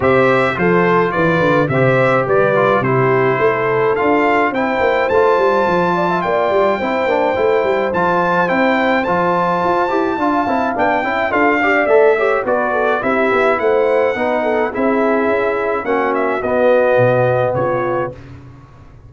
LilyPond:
<<
  \new Staff \with { instrumentName = "trumpet" } { \time 4/4 \tempo 4 = 106 e''4 c''4 d''4 e''4 | d''4 c''2 f''4 | g''4 a''2 g''4~ | g''2 a''4 g''4 |
a''2. g''4 | f''4 e''4 d''4 e''4 | fis''2 e''2 | fis''8 e''8 dis''2 cis''4 | }
  \new Staff \with { instrumentName = "horn" } { \time 4/4 c''4 a'4 b'4 c''4 | b'4 g'4 a'2 | c''2~ c''8 d''16 e''16 d''4 | c''1~ |
c''2 f''4. e''8 | a'8 d''4 cis''8 b'8 a'8 g'4 | c''4 b'8 a'8 gis'2 | fis'2. f'4 | }
  \new Staff \with { instrumentName = "trombone" } { \time 4/4 g'4 f'2 g'4~ | g'8 f'8 e'2 f'4 | e'4 f'2. | e'8 d'8 e'4 f'4 e'4 |
f'4. g'8 f'8 e'8 d'8 e'8 | f'8 g'8 a'8 g'8 fis'4 e'4~ | e'4 dis'4 e'2 | cis'4 b2. | }
  \new Staff \with { instrumentName = "tuba" } { \time 4/4 c4 f4 e8 d8 c4 | g4 c4 a4 d'4 | c'8 ais8 a8 g8 f4 ais8 g8 | c'8 ais8 a8 g8 f4 c'4 |
f4 f'8 e'8 d'8 c'8 b8 cis'8 | d'4 a4 b4 c'8 b8 | a4 b4 c'4 cis'4 | ais4 b4 b,4 cis4 | }
>>